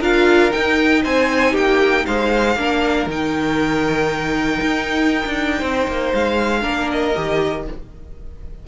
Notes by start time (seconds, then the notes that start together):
0.00 D4 F4 A#4 F5
0.51 D#4 G5
1.03 C4 C5 G#5
1.52 A#3 G4 G5
2.06 G#3 C5 F5
2.56 A#3 D4 A#4
3.06 D#3 D#4 G5
4.61 D#4
5.26 D4
5.58 C4 C5
5.87 A#3
6.14 G#3 F5
6.62 A#3 D4 A#4
6.91 D#5
7.15 D#3 G4